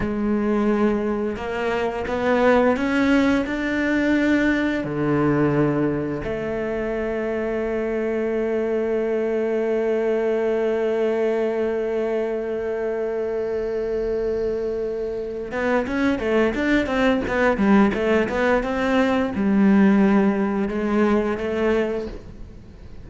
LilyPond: \new Staff \with { instrumentName = "cello" } { \time 4/4 \tempo 4 = 87 gis2 ais4 b4 | cis'4 d'2 d4~ | d4 a2.~ | a1~ |
a1~ | a2~ a8 b8 cis'8 a8 | d'8 c'8 b8 g8 a8 b8 c'4 | g2 gis4 a4 | }